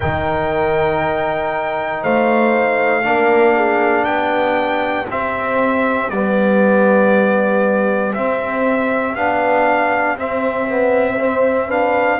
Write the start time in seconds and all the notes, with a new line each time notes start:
0.00 D#3 D#4 A#4 G5
2.02 A3 C5 F5
3.03 A#3 D4 A#4
3.56 G#4
4.04 B3 G4 G5
5.09 C4 E5
6.09 G3 B3 D5
8.13 C4 E5
9.15 B3 D4 F5
10.15 C4 E5
10.68 B3
11.19 C4 C5
11.67 D4 B4 F5